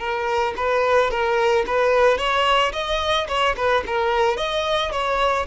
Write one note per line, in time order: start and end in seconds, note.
0.00 0.55 A#4
0.57 1.11 B4
1.11 1.66 A#4
1.67 2.18 B4
2.18 2.73 C#5
2.73 3.28 D#5
3.29 3.56 C#5
3.57 3.84 B4
3.87 4.38 A#4
4.38 4.92 D#5
4.92 5.47 C#5